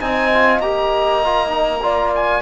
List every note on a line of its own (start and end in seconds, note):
0.00 0.59 C4
0.00 0.30 D#4
0.00 1.83 D#5
0.00 0.60 G#5
0.33 0.62 F4
0.59 2.41 A#3
0.59 1.22 G4
0.59 2.12 A#5
1.24 1.47 F4
1.47 1.78 D#4
1.82 2.42 F4
1.82 2.42 D5
2.15 2.42 G#5